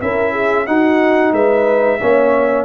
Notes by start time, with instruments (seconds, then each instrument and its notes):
0.00 tuba C#4, trombone E4, horn A#4, trumpet E5
0.33 horn G#4
0.66 trombone D#4, tuba D#4, horn F#4, trumpet F#5
1.32 tuba G#3, horn B4, trumpet E5
2.01 tuba A#3, trombone C#4, horn C#5